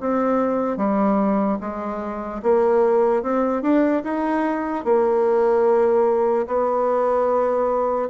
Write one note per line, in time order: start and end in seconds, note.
0.00 0.77 C4
0.77 1.58 G3
1.60 2.41 G#3
2.43 3.22 A#3
3.22 3.62 C4
3.62 4.02 D4
4.04 4.84 D#4
4.84 6.46 A#3
6.47 8.09 B3